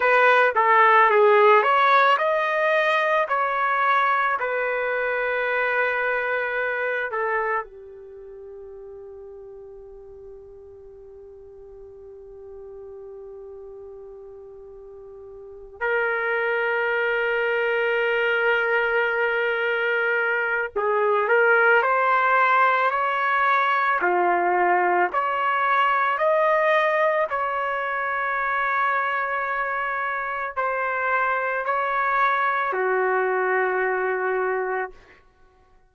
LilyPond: \new Staff \with { instrumentName = "trumpet" } { \time 4/4 \tempo 4 = 55 b'8 a'8 gis'8 cis''8 dis''4 cis''4 | b'2~ b'8 a'8 g'4~ | g'1~ | g'2~ g'8 ais'4.~ |
ais'2. gis'8 ais'8 | c''4 cis''4 f'4 cis''4 | dis''4 cis''2. | c''4 cis''4 fis'2 | }